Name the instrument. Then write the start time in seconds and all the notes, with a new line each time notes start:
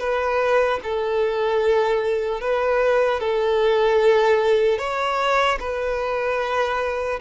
violin
0.00 B4
0.83 A4
2.41 B4
3.20 A4
4.79 C#5
5.60 B4